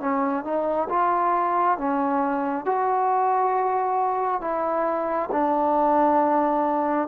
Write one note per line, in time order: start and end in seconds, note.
0.00 0.44 C#4
0.44 0.88 D#4
0.89 1.78 F4
1.78 2.66 C#4
2.66 4.41 F#4
4.41 5.29 E4
5.31 7.08 D4